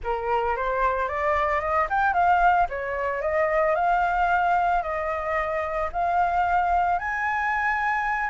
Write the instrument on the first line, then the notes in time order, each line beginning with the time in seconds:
flute
0.03 A#4
0.56 C5
1.08 D5
1.60 D#5
1.89 G5
2.13 F5
2.69 C#5
3.21 D#5
3.75 F5
4.82 D#5
5.92 F5
6.98 G#5